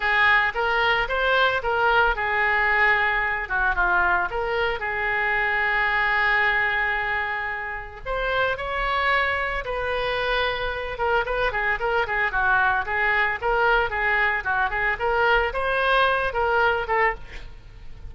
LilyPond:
\new Staff \with { instrumentName = "oboe" } { \time 4/4 \tempo 4 = 112 gis'4 ais'4 c''4 ais'4 | gis'2~ gis'8 fis'8 f'4 | ais'4 gis'2.~ | gis'2. c''4 |
cis''2 b'2~ | b'8 ais'8 b'8 gis'8 ais'8 gis'8 fis'4 | gis'4 ais'4 gis'4 fis'8 gis'8 | ais'4 c''4. ais'4 a'8 | }